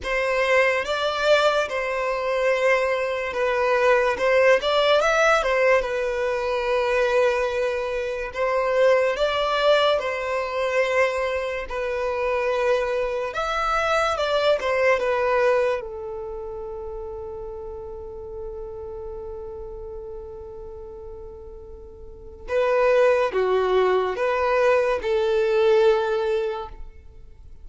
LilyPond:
\new Staff \with { instrumentName = "violin" } { \time 4/4 \tempo 4 = 72 c''4 d''4 c''2 | b'4 c''8 d''8 e''8 c''8 b'4~ | b'2 c''4 d''4 | c''2 b'2 |
e''4 d''8 c''8 b'4 a'4~ | a'1~ | a'2. b'4 | fis'4 b'4 a'2 | }